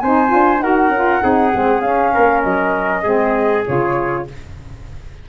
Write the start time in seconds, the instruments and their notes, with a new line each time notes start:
0.00 tuba C4, saxophone D#4, trumpet C5, flute G#5
0.28 tuba D4, saxophone F4
0.60 tuba D#4, saxophone F#4, trumpet A#4, flute F#5
0.89 tuba C#4
0.95 saxophone F4
1.21 tuba C4, saxophone D#4, trumpet G#4
1.54 tuba G#3, saxophone C4
1.81 tuba C#4, saxophone C#4, flute F5
2.14 tuba A#3, trumpet A#4
2.43 tuba F#3, flute D#5
3.03 tuba G#3, saxophone C4, trumpet G#4
3.66 tuba C#3, saxophone F4, flute C#5